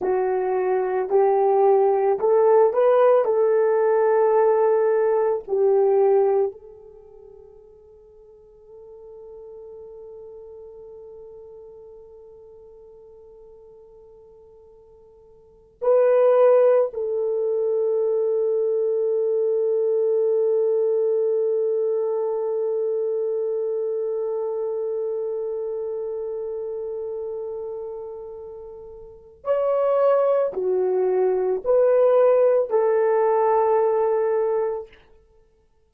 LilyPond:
\new Staff \with { instrumentName = "horn" } { \time 4/4 \tempo 4 = 55 fis'4 g'4 a'8 b'8 a'4~ | a'4 g'4 a'2~ | a'1~ | a'2~ a'8 b'4 a'8~ |
a'1~ | a'1~ | a'2. cis''4 | fis'4 b'4 a'2 | }